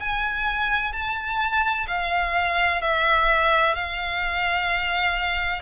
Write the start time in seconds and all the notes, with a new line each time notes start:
0.00 G#5
0.92 A5
1.87 F5
2.81 E5
3.75 F5